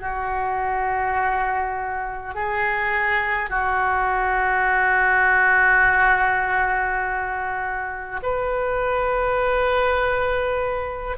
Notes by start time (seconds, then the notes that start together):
0.00 F#4
2.35 G#4
3.50 F#4
8.23 B4